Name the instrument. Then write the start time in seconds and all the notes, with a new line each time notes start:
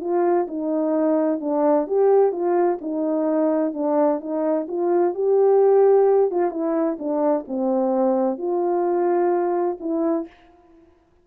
horn
0.00 F4
0.47 D#4
1.40 D4
1.87 G4
2.32 F4
2.81 D#4
3.73 D4
4.20 D#4
4.68 F4
5.14 G4
6.31 F4
6.50 E4
6.98 D4
7.47 C4
8.38 F4
9.80 E4